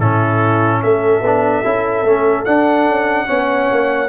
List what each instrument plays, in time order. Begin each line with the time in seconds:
0.00 tuba A2, trombone C#4, horn E4, trumpet A4
0.83 tuba A3, horn A4, trumpet E5
1.21 tuba B3, trombone D4
1.64 tuba C#4, trombone E4
2.04 tuba A3, trombone C#4
2.46 trombone D4, tuba D4, trumpet F#5
2.88 tuba C#4
3.27 tuba B3, trombone C#4, horn C#5
3.72 tuba A#3